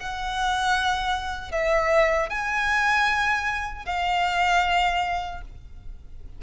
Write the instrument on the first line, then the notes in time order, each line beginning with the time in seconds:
violin
0.00 F#5
1.52 E5
2.30 G#5
3.86 F5